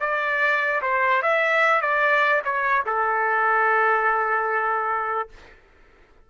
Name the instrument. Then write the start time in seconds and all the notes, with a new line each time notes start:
trumpet
0.00 D5
0.82 C5
1.22 E5
1.81 D5
2.44 C#5
2.85 A4